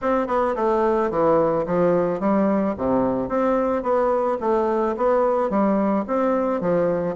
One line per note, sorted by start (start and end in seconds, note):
0.01 0.27 C4
0.27 0.54 B3
0.55 1.10 A3
1.10 1.65 E3
1.65 2.19 F3
2.19 2.74 G3
2.77 3.29 C3
3.29 3.82 C4
3.82 4.37 B3
4.40 4.95 A3
4.96 5.49 B3
5.49 6.05 G3
6.07 6.60 C4
6.60 7.15 F3